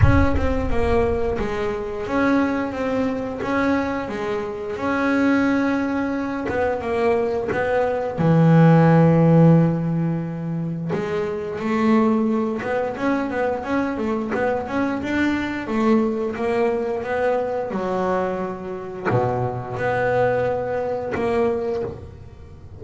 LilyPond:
\new Staff \with { instrumentName = "double bass" } { \time 4/4 \tempo 4 = 88 cis'8 c'8 ais4 gis4 cis'4 | c'4 cis'4 gis4 cis'4~ | cis'4. b8 ais4 b4 | e1 |
gis4 a4. b8 cis'8 b8 | cis'8 a8 b8 cis'8 d'4 a4 | ais4 b4 fis2 | b,4 b2 ais4 | }